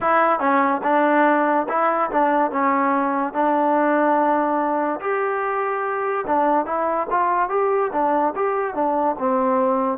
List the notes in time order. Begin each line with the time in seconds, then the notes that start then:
0.00 E4
0.39 C#4
0.83 D4
1.69 E4
2.11 D4
2.51 C#4
3.33 D4
5.00 G4
6.26 D4
6.65 E4
7.10 F4
7.49 G4
7.92 D4
8.35 G4
8.74 D4
9.19 C4